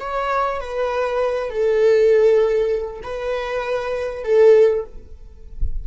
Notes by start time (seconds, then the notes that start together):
0.00 C#5
0.61 B4
1.50 A4
3.03 B4
4.24 A4